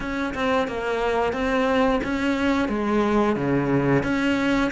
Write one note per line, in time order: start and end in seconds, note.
0.00 0.34 C#4
0.34 0.67 C4
0.67 1.33 A#3
1.33 2.00 C4
2.03 2.68 C#4
2.68 3.36 G#3
3.36 4.03 C#3
4.03 4.70 C#4